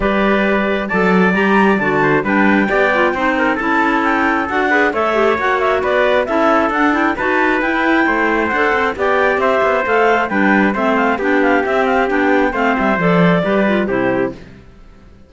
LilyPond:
<<
  \new Staff \with { instrumentName = "clarinet" } { \time 4/4 \tempo 4 = 134 d''2 a''4 ais''4 | a''4 g''2. | a''4 g''4 fis''4 e''4 | fis''8 e''8 d''4 e''4 fis''8 g''8 |
a''4 g''2 fis''4 | g''4 e''4 f''4 g''4 | e''8 f''8 g''8 f''8 e''8 f''8 g''4 | f''8 e''8 d''2 c''4 | }
  \new Staff \with { instrumentName = "trumpet" } { \time 4/4 b'2 d''2~ | d''8 c''8 b'4 d''4 c''8 ais'8 | a'2~ a'8 b'8 cis''4~ | cis''4 b'4 a'2 |
b'2 c''2 | d''4 c''2 b'4 | c''4 g'2. | c''2 b'4 g'4 | }
  \new Staff \with { instrumentName = "clarinet" } { \time 4/4 g'2 a'4 g'4 | fis'4 d'4 g'8 f'8 dis'4 | e'2 fis'8 gis'8 a'8 g'8 | fis'2 e'4 d'8 e'8 |
fis'4 e'2 a'4 | g'2 a'4 d'4 | c'4 d'4 c'4 d'4 | c'4 a'4 g'8 f'8 e'4 | }
  \new Staff \with { instrumentName = "cello" } { \time 4/4 g2 fis4 g4 | d4 g4 b4 c'4 | cis'2 d'4 a4 | ais4 b4 cis'4 d'4 |
dis'4 e'4 a4 d'8 c'8 | b4 c'8 b8 a4 g4 | a4 b4 c'4 b4 | a8 g8 f4 g4 c4 | }
>>